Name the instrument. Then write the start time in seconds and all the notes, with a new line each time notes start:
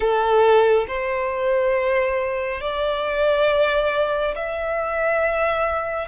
violin
0.00 A4
0.87 C5
2.60 D5
4.35 E5